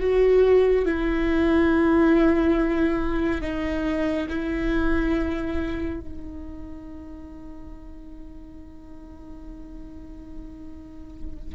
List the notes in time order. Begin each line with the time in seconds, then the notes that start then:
0.00 F#4
0.85 E4
3.41 D#4
4.29 E4
6.00 D#4